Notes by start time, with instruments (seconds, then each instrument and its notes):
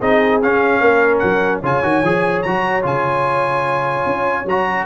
0.00 tuba C4, trombone D#4, horn G#4, trumpet D#5
0.42 tuba C#4, trombone C#4, trumpet F5
0.80 tuba A#3, horn A#4
1.18 tuba F#3, trumpet F#5
1.62 tuba C#3, trombone F4, horn C#5, trumpet G#5
1.82 tuba D#3, trombone F#4
2.03 tuba F3, trombone G#4
2.42 tuba F#3, trombone F#4, trumpet A#5
2.82 tuba C#3, trombone F4, trumpet G#5
4.05 tuba C#4
4.45 tuba F#3, trombone F#4, trumpet A#5